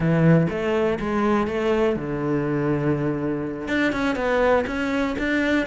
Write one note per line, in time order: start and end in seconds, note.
0.00 0.47 E3
0.49 0.99 A3
0.99 1.47 G#3
1.47 1.96 A3
1.96 3.68 D3
3.68 3.92 D4
3.92 4.15 C#4
4.15 4.64 B3
4.66 5.15 C#4
5.18 5.66 D4